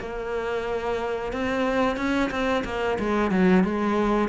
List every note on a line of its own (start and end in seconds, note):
0.00 1.33 A#3
1.33 1.97 C4
1.97 2.30 C#4
2.31 2.64 C4
2.65 2.98 A#3
2.99 3.32 G#3
3.32 3.64 F#3
3.64 4.29 G#3